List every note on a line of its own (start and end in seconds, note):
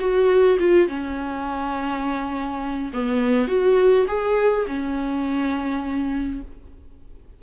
0.00 0.58 F#4
0.60 0.88 F4
0.88 2.92 C#4
2.94 3.48 B3
3.48 4.06 F#4
4.08 4.66 G#4
4.67 6.42 C#4